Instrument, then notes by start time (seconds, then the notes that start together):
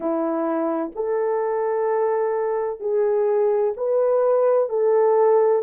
horn
0.00 E4
0.95 A4
2.80 G#4
3.76 B4
4.69 A4